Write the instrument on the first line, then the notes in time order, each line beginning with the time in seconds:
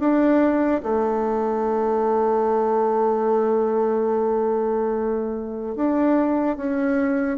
bassoon
0.00 D4
0.83 A3
5.76 D4
6.57 C#4